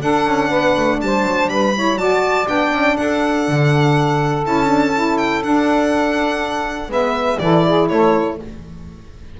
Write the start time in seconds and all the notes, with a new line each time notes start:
0.00 D4 A4 F#5
0.26 C#4
0.48 B3 B4
0.76 A3
1.01 G3 C5 A5
1.23 F#3
1.47 G3 B4 B5
1.75 E4 C#5
1.96 F#3 F#4 D5 A5
2.45 B3 D4 G5
2.72 C#4
2.96 D4 A4 F#5
3.48 D3
4.43 C#4 E4 A5
4.66 D4
4.94 E4
5.17 G5
5.42 D4 F#5
6.88 G#3 B3 B4 E5
7.38 E3 E4 A4 D5
7.66 G#4
7.88 A3 A4 C#5